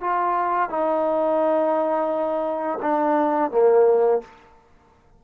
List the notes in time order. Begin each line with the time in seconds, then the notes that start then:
0.00 F4
0.69 D#4
2.81 D4
3.51 A#3